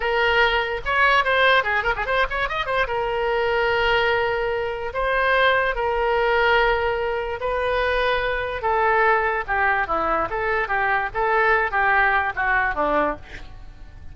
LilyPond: \new Staff \with { instrumentName = "oboe" } { \time 4/4 \tempo 4 = 146 ais'2 cis''4 c''4 | gis'8 ais'16 gis'16 c''8 cis''8 dis''8 c''8 ais'4~ | ais'1 | c''2 ais'2~ |
ais'2 b'2~ | b'4 a'2 g'4 | e'4 a'4 g'4 a'4~ | a'8 g'4. fis'4 d'4 | }